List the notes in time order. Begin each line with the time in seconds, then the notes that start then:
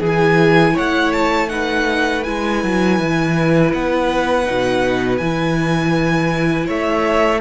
0.00 E3 E4 G#4 G#5
0.74 A3 C#5 F#5
1.12 A5
1.48 D#4 B4 F#5
2.23 G#3 E4 G#5
2.63 F#3
2.99 E3
3.73 B3 F#5
4.45 B2 D#4
5.17 E3 E4 G#5
6.66 A3 C#5 E5